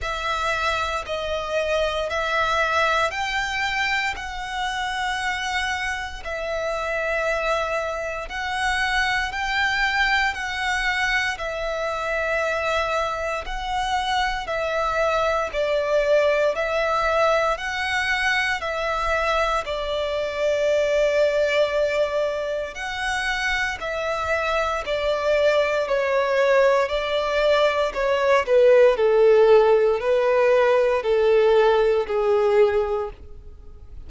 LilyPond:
\new Staff \with { instrumentName = "violin" } { \time 4/4 \tempo 4 = 58 e''4 dis''4 e''4 g''4 | fis''2 e''2 | fis''4 g''4 fis''4 e''4~ | e''4 fis''4 e''4 d''4 |
e''4 fis''4 e''4 d''4~ | d''2 fis''4 e''4 | d''4 cis''4 d''4 cis''8 b'8 | a'4 b'4 a'4 gis'4 | }